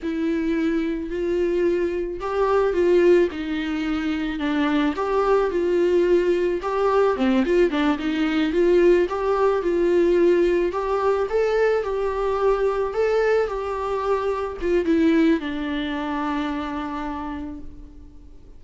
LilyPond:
\new Staff \with { instrumentName = "viola" } { \time 4/4 \tempo 4 = 109 e'2 f'2 | g'4 f'4 dis'2 | d'4 g'4 f'2 | g'4 c'8 f'8 d'8 dis'4 f'8~ |
f'8 g'4 f'2 g'8~ | g'8 a'4 g'2 a'8~ | a'8 g'2 f'8 e'4 | d'1 | }